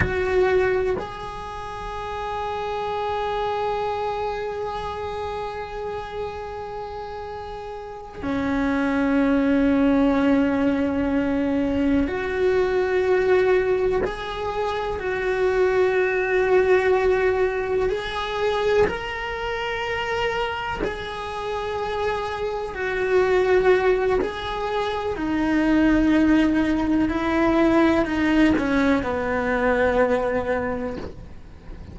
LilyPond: \new Staff \with { instrumentName = "cello" } { \time 4/4 \tempo 4 = 62 fis'4 gis'2.~ | gis'1~ | gis'8 cis'2.~ cis'8~ | cis'8 fis'2 gis'4 fis'8~ |
fis'2~ fis'8 gis'4 ais'8~ | ais'4. gis'2 fis'8~ | fis'4 gis'4 dis'2 | e'4 dis'8 cis'8 b2 | }